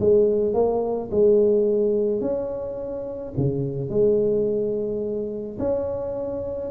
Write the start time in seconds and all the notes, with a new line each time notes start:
0.00 G#3
0.54 A#3
1.11 G#3
2.21 C#4
3.37 C#3
3.90 G#3
5.59 C#4